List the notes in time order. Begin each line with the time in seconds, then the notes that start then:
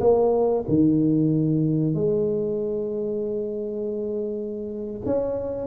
0.00 A#3
0.68 D#3
1.94 G#3
5.05 C#4